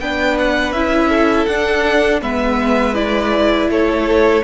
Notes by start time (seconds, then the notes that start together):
0.00 B3 D4 B4 G5
0.39 F#5
0.72 C#4 E4 E5
1.09 A4
1.46 D4 F#5
2.21 G#3 B3 B4 E5
2.94 E4 D5
3.69 A3 A4 C#5